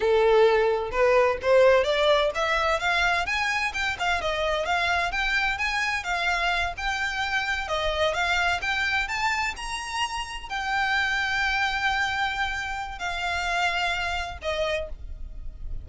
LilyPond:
\new Staff \with { instrumentName = "violin" } { \time 4/4 \tempo 4 = 129 a'2 b'4 c''4 | d''4 e''4 f''4 gis''4 | g''8 f''8 dis''4 f''4 g''4 | gis''4 f''4. g''4.~ |
g''8 dis''4 f''4 g''4 a''8~ | a''8 ais''2 g''4.~ | g''1 | f''2. dis''4 | }